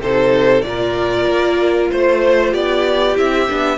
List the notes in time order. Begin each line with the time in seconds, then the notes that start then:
0.00 C3 D#4 A4 C5
0.62 A#2 F4 A#4 D5
1.27 A#3
1.91 A3 C5
2.51 B3 G4 D5
3.16 C4 E4 E5
3.48 B3 D4